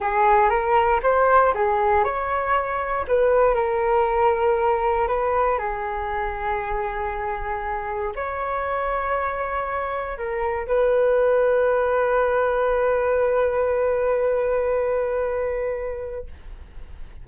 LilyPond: \new Staff \with { instrumentName = "flute" } { \time 4/4 \tempo 4 = 118 gis'4 ais'4 c''4 gis'4 | cis''2 b'4 ais'4~ | ais'2 b'4 gis'4~ | gis'1 |
cis''1 | ais'4 b'2.~ | b'1~ | b'1 | }